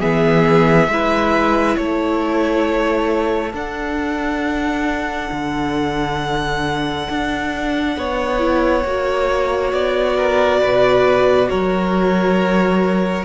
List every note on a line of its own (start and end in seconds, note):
0.00 0.88 E3
0.00 0.89 B3
0.00 0.88 G#4
0.00 1.76 E5
0.88 1.76 G#3
0.88 3.52 E4
0.88 1.79 B4
1.76 3.53 A3
1.76 7.97 A4
1.76 3.53 C#5
3.52 8.37 D4
3.52 5.30 D4
3.52 9.73 F#5
5.32 7.08 D3
7.09 7.97 D4
7.97 8.84 B3
7.97 10.16 C#5
8.39 8.83 E4
8.84 9.73 A#3
8.84 13.25 F#4
9.73 10.61 B3
9.73 11.49 D5
10.16 10.60 A#4
10.60 11.52 B2
10.60 11.49 B4
11.49 13.25 F#3
11.49 13.25 A#4
11.49 13.25 C#5